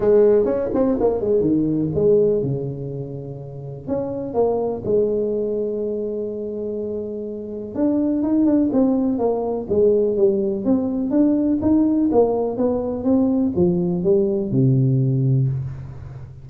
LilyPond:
\new Staff \with { instrumentName = "tuba" } { \time 4/4 \tempo 4 = 124 gis4 cis'8 c'8 ais8 gis8 dis4 | gis4 cis2. | cis'4 ais4 gis2~ | gis1 |
d'4 dis'8 d'8 c'4 ais4 | gis4 g4 c'4 d'4 | dis'4 ais4 b4 c'4 | f4 g4 c2 | }